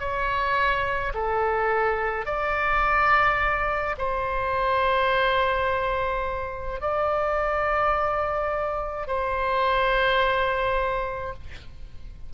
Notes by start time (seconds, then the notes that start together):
0.00 C#5
1.14 A4
2.26 D5
3.98 C5
6.81 D5
9.07 C5